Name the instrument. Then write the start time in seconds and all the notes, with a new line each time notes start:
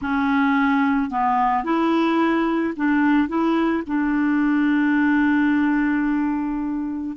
clarinet
0.01 C#4
1.10 B3
1.63 E4
2.76 D4
3.28 E4
3.87 D4